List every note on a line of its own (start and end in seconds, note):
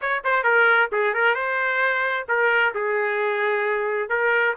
0.01 0.23 C#5
0.24 0.43 C5
0.43 0.89 A#4
0.92 1.14 G#4
1.14 1.35 A#4
1.35 2.25 C5
2.28 2.73 A#4
2.74 4.09 G#4
4.09 4.54 A#4